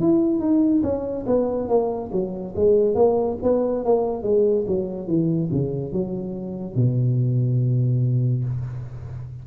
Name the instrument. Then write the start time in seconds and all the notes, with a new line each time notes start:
tuba
0.00 E4
0.40 D#4
0.83 C#4
1.26 B3
1.68 A#3
2.12 F#3
2.55 G#3
2.95 A#3
3.43 B3
3.85 A#3
4.23 G#3
4.67 F#3
5.07 E3
5.52 C#3
5.93 F#3
6.75 B2